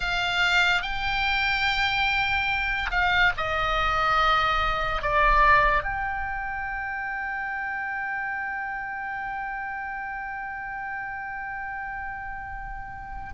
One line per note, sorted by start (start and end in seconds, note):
0.00 0.81 F5
0.81 2.90 G5
2.90 3.32 F5
3.37 5.02 D#5
5.02 5.83 D5
5.83 13.33 G5